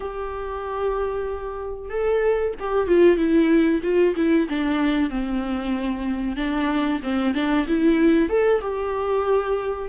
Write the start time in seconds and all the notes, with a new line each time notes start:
0.00 G4
1.89 A4
2.59 G4
2.87 F4
3.17 E4
3.82 F4
4.16 E4
4.49 D4
5.09 C4
6.36 D4
7.03 C4
7.34 D4
7.67 E4
8.29 A4
8.61 G4